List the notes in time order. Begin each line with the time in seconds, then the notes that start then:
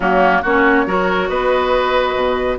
0.00 F#3 A#3 C#4 F#4
0.41 A#3 C#4 F#4 C#5
0.86 F#3 F#4 A#4
1.28 B3 B4 D#5
2.15 B2